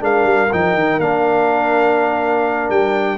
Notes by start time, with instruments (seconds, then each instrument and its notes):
0.00 tuba G#3, trombone D4, horn A#4, trumpet F5
0.25 tuba G3
0.53 tuba F3, trombone D#4, trumpet G5
0.74 tuba D#3
0.99 tuba A#3, trombone D4, trumpet F5
2.70 tuba G3, trumpet G5